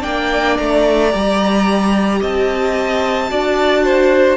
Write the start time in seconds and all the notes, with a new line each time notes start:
0.00 A#3 D4 D5 G5
0.57 A3 A#5
1.11 G3 G4
2.20 C4 D#5 A5
3.28 D4 F#4 D5
3.84 C5